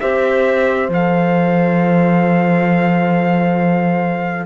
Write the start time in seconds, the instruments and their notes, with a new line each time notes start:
0.00 cello C4, clarinet G4, horn C5, trumpet E5
0.89 cello F3, clarinet A4, trumpet F5